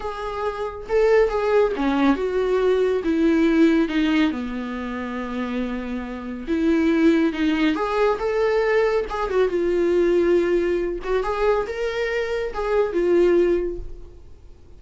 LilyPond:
\new Staff \with { instrumentName = "viola" } { \time 4/4 \tempo 4 = 139 gis'2 a'4 gis'4 | cis'4 fis'2 e'4~ | e'4 dis'4 b2~ | b2. e'4~ |
e'4 dis'4 gis'4 a'4~ | a'4 gis'8 fis'8 f'2~ | f'4. fis'8 gis'4 ais'4~ | ais'4 gis'4 f'2 | }